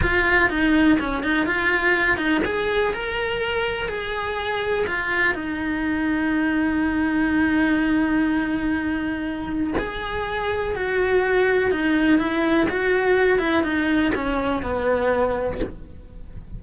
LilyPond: \new Staff \with { instrumentName = "cello" } { \time 4/4 \tempo 4 = 123 f'4 dis'4 cis'8 dis'8 f'4~ | f'8 dis'8 gis'4 ais'2 | gis'2 f'4 dis'4~ | dis'1~ |
dis'1 | gis'2 fis'2 | dis'4 e'4 fis'4. e'8 | dis'4 cis'4 b2 | }